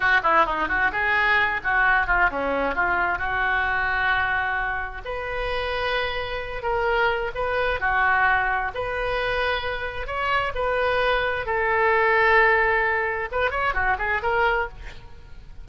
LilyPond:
\new Staff \with { instrumentName = "oboe" } { \time 4/4 \tempo 4 = 131 fis'8 e'8 dis'8 fis'8 gis'4. fis'8~ | fis'8 f'8 cis'4 f'4 fis'4~ | fis'2. b'4~ | b'2~ b'8 ais'4. |
b'4 fis'2 b'4~ | b'2 cis''4 b'4~ | b'4 a'2.~ | a'4 b'8 cis''8 fis'8 gis'8 ais'4 | }